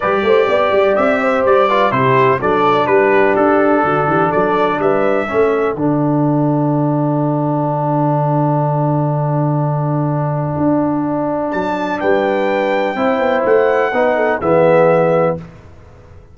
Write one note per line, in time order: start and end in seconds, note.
0.00 0.22 G3
0.00 1.69 G4
0.00 0.23 B4
0.00 0.95 D5
0.22 0.46 A3
0.22 0.48 C5
0.48 0.71 B3
0.48 1.20 D5
0.71 0.95 G3
0.95 1.45 C4
0.95 1.43 E5
1.20 1.68 C5
1.45 1.91 G3
1.45 1.91 D5
1.68 1.91 F4
1.68 1.92 B4
1.91 2.39 C3
1.91 2.39 E4
1.91 2.39 G4
1.91 2.39 C5
2.39 2.87 F#3
2.39 5.27 D4
2.39 2.87 A4
2.39 2.86 D5
2.86 3.35 G3
2.86 3.84 G4
2.86 3.34 B4
3.35 3.83 D4
3.35 4.31 A4
3.83 4.06 D3
3.83 4.08 F#4
4.06 4.30 E3
4.06 4.29 G4
4.29 4.79 F#3
4.29 4.77 A4
4.29 4.79 D5
4.79 5.26 G3
4.79 5.28 B4
4.79 5.76 E5
5.27 5.74 A3
5.27 5.75 C#4
5.27 12.00 A4
5.74 10.54 D3
5.74 12.96 D4
5.74 11.51 F#5
10.57 11.53 D4
11.51 12.01 F#3
11.51 11.99 A5
12.00 12.95 G3
12.00 12.96 B4
12.00 13.44 G5
12.95 13.19 C4
12.95 13.92 E4
12.95 13.92 C5
13.19 13.43 B3
13.45 13.92 A3
13.45 14.40 F#5
13.92 14.40 B3
13.92 14.41 D#4
13.92 14.15 B4
14.15 14.39 A4
14.39 15.37 E3
14.39 15.37 B3
14.39 15.35 G#4
14.39 15.36 E5